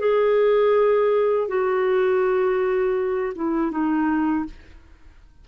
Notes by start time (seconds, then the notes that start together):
0.00 G#4
1.48 F#4
3.36 E4
3.72 D#4